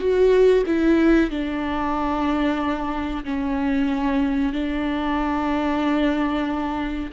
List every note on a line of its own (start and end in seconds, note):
0.00 0.65 F#4
0.67 1.31 E4
1.31 3.24 D4
3.25 4.53 C#4
4.53 7.11 D4